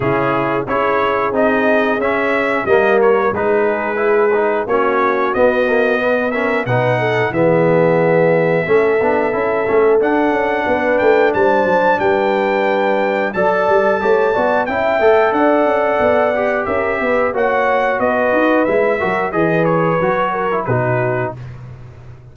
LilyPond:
<<
  \new Staff \with { instrumentName = "trumpet" } { \time 4/4 \tempo 4 = 90 gis'4 cis''4 dis''4 e''4 | dis''8 cis''8 b'2 cis''4 | dis''4. e''8 fis''4 e''4~ | e''2. fis''4~ |
fis''8 g''8 a''4 g''2 | a''2 g''4 fis''4~ | fis''4 e''4 fis''4 dis''4 | e''4 dis''8 cis''4. b'4 | }
  \new Staff \with { instrumentName = "horn" } { \time 4/4 e'4 gis'2. | ais'4 gis'2 fis'4~ | fis'4 b'8 ais'8 b'8 a'8 gis'4~ | gis'4 a'2. |
b'4 c''4 b'2 | d''4 cis''8 d''8 e''4 d''4~ | d''4 ais'8 b'8 cis''4 b'4~ | b'8 ais'8 b'4. ais'8 fis'4 | }
  \new Staff \with { instrumentName = "trombone" } { \time 4/4 cis'4 e'4 dis'4 cis'4 | ais4 dis'4 e'8 dis'8 cis'4 | b8 ais8 b8 cis'8 dis'4 b4~ | b4 cis'8 d'8 e'8 cis'8 d'4~ |
d'1 | a'4 g'8 fis'8 e'8 a'4.~ | a'8 g'4. fis'2 | e'8 fis'8 gis'4 fis'8. e'16 dis'4 | }
  \new Staff \with { instrumentName = "tuba" } { \time 4/4 cis4 cis'4 c'4 cis'4 | g4 gis2 ais4 | b2 b,4 e4~ | e4 a8 b8 cis'8 a8 d'8 cis'8 |
b8 a8 g8 fis8 g2 | fis8 g8 a8 b8 cis'8 a8 d'8 cis'8 | b4 cis'8 b8 ais4 b8 dis'8 | gis8 fis8 e4 fis4 b,4 | }
>>